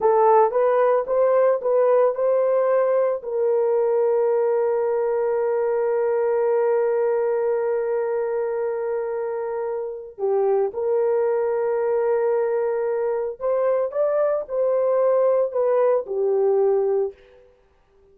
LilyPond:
\new Staff \with { instrumentName = "horn" } { \time 4/4 \tempo 4 = 112 a'4 b'4 c''4 b'4 | c''2 ais'2~ | ais'1~ | ais'1~ |
ais'2. g'4 | ais'1~ | ais'4 c''4 d''4 c''4~ | c''4 b'4 g'2 | }